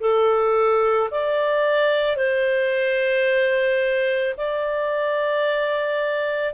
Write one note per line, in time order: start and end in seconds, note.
0.00 1.09 A4
1.11 2.16 D5
2.16 4.34 C5
4.37 6.54 D5